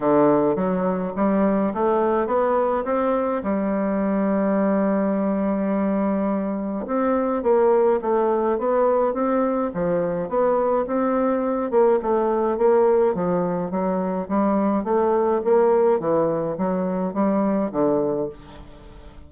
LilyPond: \new Staff \with { instrumentName = "bassoon" } { \time 4/4 \tempo 4 = 105 d4 fis4 g4 a4 | b4 c'4 g2~ | g1 | c'4 ais4 a4 b4 |
c'4 f4 b4 c'4~ | c'8 ais8 a4 ais4 f4 | fis4 g4 a4 ais4 | e4 fis4 g4 d4 | }